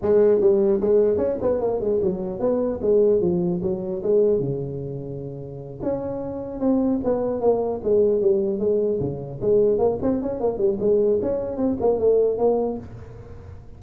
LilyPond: \new Staff \with { instrumentName = "tuba" } { \time 4/4 \tempo 4 = 150 gis4 g4 gis4 cis'8 b8 | ais8 gis8 fis4 b4 gis4 | f4 fis4 gis4 cis4~ | cis2~ cis8 cis'4.~ |
cis'8 c'4 b4 ais4 gis8~ | gis8 g4 gis4 cis4 gis8~ | gis8 ais8 c'8 cis'8 ais8 g8 gis4 | cis'4 c'8 ais8 a4 ais4 | }